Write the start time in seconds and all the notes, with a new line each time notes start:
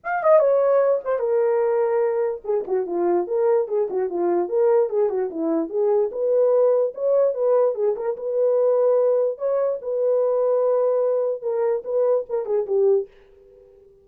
0.04 F5
0.23 D#5
0.39 C#5
1.04 C5
1.19 A#4
2.44 G#4
2.67 F#4
2.86 F4
3.27 A#4
3.68 G#4
3.90 F#4
4.09 F4
4.49 A#4
4.89 G#4
5.09 F#4
5.30 E4
5.69 G#4
6.11 B4
6.94 C#5
7.33 B4
7.75 G#4
7.96 A#4
8.16 B4
9.37 C#5
9.81 B4
11.41 A#4
11.84 B4
12.29 A#4
12.45 G#4
12.66 G4